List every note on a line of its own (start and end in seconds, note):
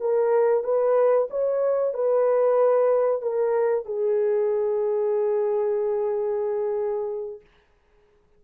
0.00 0.64 A#4
0.64 1.28 B4
1.30 1.94 C#5
1.94 3.22 B4
3.22 3.85 A#4
3.85 7.40 G#4